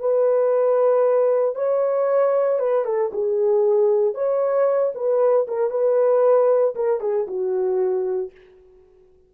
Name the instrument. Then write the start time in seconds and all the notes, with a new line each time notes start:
horn
0.00 B4
1.56 C#5
2.59 B4
2.85 A4
3.13 G#4
4.15 C#5
4.95 B4
5.48 A#4
5.71 B4
6.76 A#4
7.01 G#4
7.27 F#4